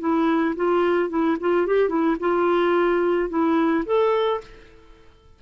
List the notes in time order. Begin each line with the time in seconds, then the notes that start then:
0.00 E4
0.56 F4
1.09 E4
1.40 F4
1.67 G4
1.89 E4
2.20 F4
3.29 E4
3.85 A4